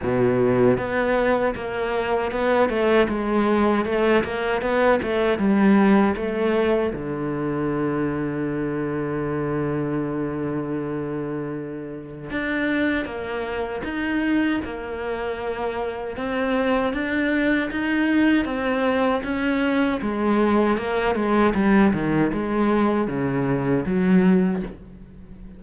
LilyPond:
\new Staff \with { instrumentName = "cello" } { \time 4/4 \tempo 4 = 78 b,4 b4 ais4 b8 a8 | gis4 a8 ais8 b8 a8 g4 | a4 d2.~ | d1 |
d'4 ais4 dis'4 ais4~ | ais4 c'4 d'4 dis'4 | c'4 cis'4 gis4 ais8 gis8 | g8 dis8 gis4 cis4 fis4 | }